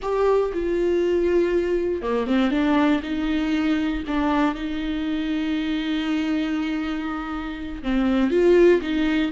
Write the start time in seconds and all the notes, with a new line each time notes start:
0.02 G4
0.53 F4
2.02 A#3
2.26 C4
2.50 D4
3.03 D#4
4.07 D4
4.54 D#4
7.82 C4
8.30 F4
8.81 D#4